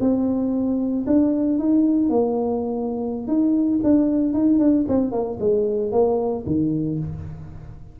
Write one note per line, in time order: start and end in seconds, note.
0.00 1.05 C4
1.07 1.59 D4
1.59 2.09 D#4
2.09 3.27 A#3
3.27 3.80 D#4
3.83 4.33 D4
4.33 4.59 D#4
4.59 4.85 D4
4.88 5.12 C4
5.12 5.38 A#3
5.40 5.92 G#3
5.92 6.44 A#3
6.46 6.99 D#3